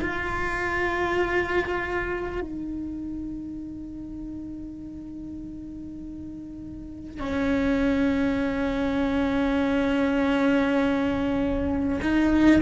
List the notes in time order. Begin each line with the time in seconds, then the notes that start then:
0.00 F4
2.40 D#4
7.19 C#4
12.01 D#4